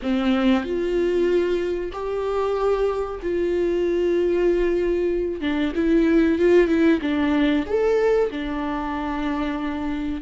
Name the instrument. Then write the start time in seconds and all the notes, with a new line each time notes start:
viola
0.02 C4
0.64 F4
1.92 G4
3.22 F4
5.41 D4
5.75 E4
6.38 F4
6.67 E4
7.01 D4
7.66 A4
8.30 D4